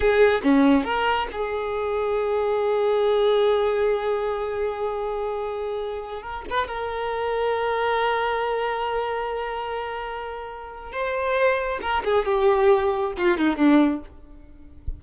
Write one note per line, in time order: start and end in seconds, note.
0.00 0.41 G#4
0.43 0.84 C#4
0.84 1.27 A#4
1.32 6.22 G#4
6.22 6.44 A#4
6.49 6.67 B4
6.67 10.92 A#4
10.92 11.79 C5
11.81 12.03 A#4
12.04 12.25 G#4
12.25 13.12 G4
13.17 13.37 F4
13.37 13.56 D#4
13.56 14.00 D4